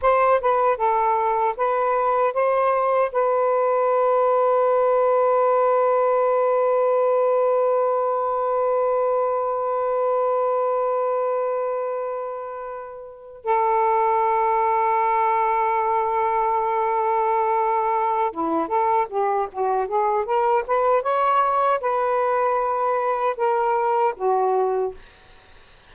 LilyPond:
\new Staff \with { instrumentName = "saxophone" } { \time 4/4 \tempo 4 = 77 c''8 b'8 a'4 b'4 c''4 | b'1~ | b'1~ | b'1~ |
b'4~ b'16 a'2~ a'8.~ | a'2.~ a'8 e'8 | a'8 g'8 fis'8 gis'8 ais'8 b'8 cis''4 | b'2 ais'4 fis'4 | }